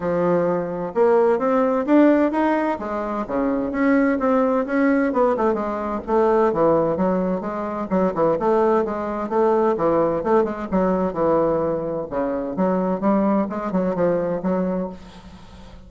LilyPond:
\new Staff \with { instrumentName = "bassoon" } { \time 4/4 \tempo 4 = 129 f2 ais4 c'4 | d'4 dis'4 gis4 cis4 | cis'4 c'4 cis'4 b8 a8 | gis4 a4 e4 fis4 |
gis4 fis8 e8 a4 gis4 | a4 e4 a8 gis8 fis4 | e2 cis4 fis4 | g4 gis8 fis8 f4 fis4 | }